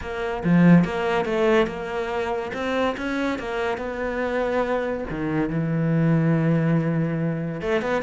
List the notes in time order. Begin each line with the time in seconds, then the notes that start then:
0.01 A#3
0.44 F3
0.84 A#3
1.25 A3
1.67 A#3
2.53 C4
2.97 C#4
3.38 A#3
3.77 B3
5.10 D#3
5.49 E3
7.61 A3
7.81 B3